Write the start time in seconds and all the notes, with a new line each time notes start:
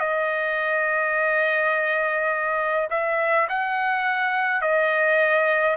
0.00 D#5
2.91 E5
3.49 F#5
4.62 D#5